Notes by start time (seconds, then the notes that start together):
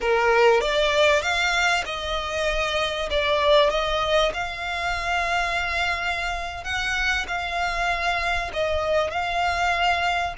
0.00 A#4
0.60 D5
1.22 F5
1.85 D#5
3.10 D5
3.70 D#5
4.33 F5
6.64 F#5
7.27 F5
8.53 D#5
9.10 F5